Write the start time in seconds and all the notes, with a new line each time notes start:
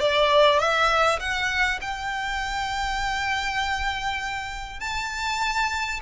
0.00 D5
0.59 E5
1.20 F#5
1.81 G5
4.80 A5